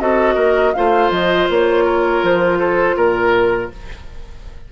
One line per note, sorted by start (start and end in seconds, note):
0.00 0.36 C4
0.00 0.74 F#4
0.00 0.35 A4
0.00 0.74 D#5
0.35 0.73 A#3
0.35 0.72 A#4
0.74 1.11 A3
0.74 3.72 F4
0.74 1.85 C5
0.74 1.11 F5
1.11 1.48 F3
1.11 1.49 D#5
1.50 2.23 A#3
1.50 2.25 C#5
1.85 2.59 A#4
2.23 2.96 F3
2.23 2.97 C5
2.59 2.96 A4
2.96 3.70 A#2
2.96 3.71 A#4